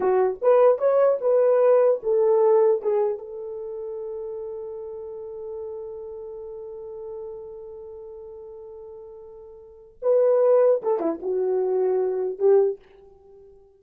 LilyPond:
\new Staff \with { instrumentName = "horn" } { \time 4/4 \tempo 4 = 150 fis'4 b'4 cis''4 b'4~ | b'4 a'2 gis'4 | a'1~ | a'1~ |
a'1~ | a'1~ | a'4 b'2 a'8 e'8 | fis'2. g'4 | }